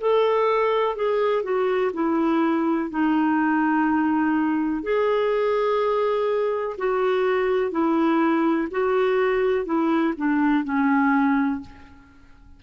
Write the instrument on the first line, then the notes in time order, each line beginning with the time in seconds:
clarinet
0.00 A4
0.95 G#4
1.43 F#4
1.93 E4
2.90 D#4
4.83 G#4
6.78 F#4
7.71 E4
8.71 F#4
9.65 E4
10.17 D4
10.64 C#4